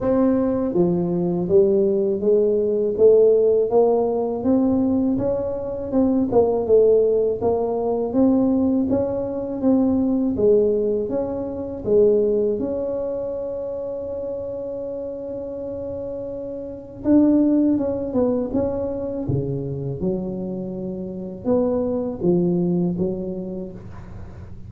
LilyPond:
\new Staff \with { instrumentName = "tuba" } { \time 4/4 \tempo 4 = 81 c'4 f4 g4 gis4 | a4 ais4 c'4 cis'4 | c'8 ais8 a4 ais4 c'4 | cis'4 c'4 gis4 cis'4 |
gis4 cis'2.~ | cis'2. d'4 | cis'8 b8 cis'4 cis4 fis4~ | fis4 b4 f4 fis4 | }